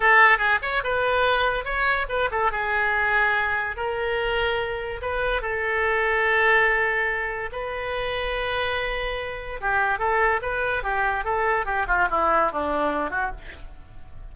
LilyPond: \new Staff \with { instrumentName = "oboe" } { \time 4/4 \tempo 4 = 144 a'4 gis'8 cis''8 b'2 | cis''4 b'8 a'8 gis'2~ | gis'4 ais'2. | b'4 a'2.~ |
a'2 b'2~ | b'2. g'4 | a'4 b'4 g'4 a'4 | g'8 f'8 e'4 d'4. fis'8 | }